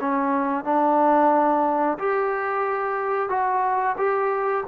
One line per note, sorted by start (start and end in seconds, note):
0.00 0.64 C#4
0.64 1.98 D4
1.98 3.29 G4
3.29 3.96 F#4
3.97 4.64 G4